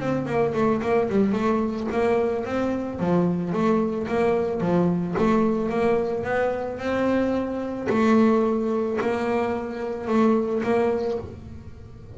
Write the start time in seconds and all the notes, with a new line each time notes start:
0.00 C4
0.26 A#3
0.54 A3
0.82 A#3
1.10 G3
1.33 A3
1.92 A#3
2.45 C4
3.00 F3
3.53 A3
4.08 A#3
4.61 F3
5.18 A3
5.70 A#3
6.24 B3
6.79 C4
7.90 A3
9.01 A#3
10.08 A3
10.64 A#3